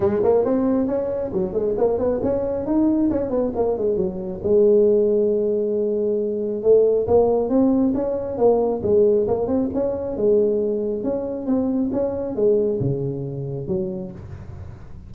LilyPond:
\new Staff \with { instrumentName = "tuba" } { \time 4/4 \tempo 4 = 136 gis8 ais8 c'4 cis'4 fis8 gis8 | ais8 b8 cis'4 dis'4 cis'8 b8 | ais8 gis8 fis4 gis2~ | gis2. a4 |
ais4 c'4 cis'4 ais4 | gis4 ais8 c'8 cis'4 gis4~ | gis4 cis'4 c'4 cis'4 | gis4 cis2 fis4 | }